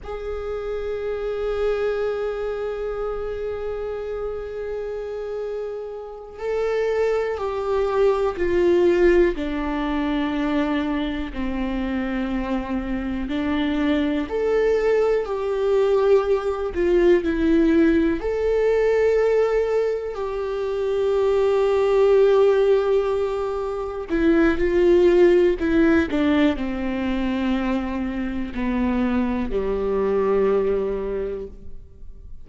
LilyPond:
\new Staff \with { instrumentName = "viola" } { \time 4/4 \tempo 4 = 61 gis'1~ | gis'2~ gis'8 a'4 g'8~ | g'8 f'4 d'2 c'8~ | c'4. d'4 a'4 g'8~ |
g'4 f'8 e'4 a'4.~ | a'8 g'2.~ g'8~ | g'8 e'8 f'4 e'8 d'8 c'4~ | c'4 b4 g2 | }